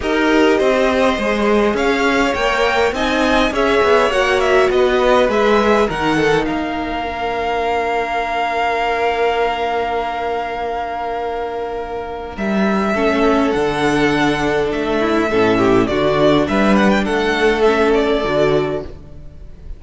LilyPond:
<<
  \new Staff \with { instrumentName = "violin" } { \time 4/4 \tempo 4 = 102 dis''2. f''4 | g''4 gis''4 e''4 fis''8 e''8 | dis''4 e''4 fis''4 f''4~ | f''1~ |
f''1~ | f''4 e''2 fis''4~ | fis''4 e''2 d''4 | e''8 fis''16 g''16 fis''4 e''8 d''4. | }
  \new Staff \with { instrumentName = "violin" } { \time 4/4 ais'4 c''2 cis''4~ | cis''4 dis''4 cis''2 | b'2 ais'8 a'8 ais'4~ | ais'1~ |
ais'1~ | ais'2 a'2~ | a'4. e'8 a'8 g'8 fis'4 | b'4 a'2. | }
  \new Staff \with { instrumentName = "viola" } { \time 4/4 g'2 gis'2 | ais'4 dis'4 gis'4 fis'4~ | fis'4 gis'4 dis'2 | d'1~ |
d'1~ | d'2 cis'4 d'4~ | d'2 cis'4 d'4~ | d'2 cis'4 fis'4 | }
  \new Staff \with { instrumentName = "cello" } { \time 4/4 dis'4 c'4 gis4 cis'4 | ais4 c'4 cis'8 b8 ais4 | b4 gis4 dis4 ais4~ | ais1~ |
ais1~ | ais4 g4 a4 d4~ | d4 a4 a,4 d4 | g4 a2 d4 | }
>>